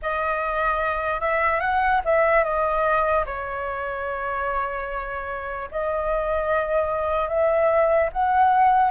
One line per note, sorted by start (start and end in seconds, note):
0.01 1.20 D#5
1.20 1.60 E5
1.60 2.00 F#5
2.05 2.43 E5
2.43 3.24 D#5
3.25 5.69 C#5
5.71 7.28 D#5
7.28 8.09 E5
8.12 8.90 F#5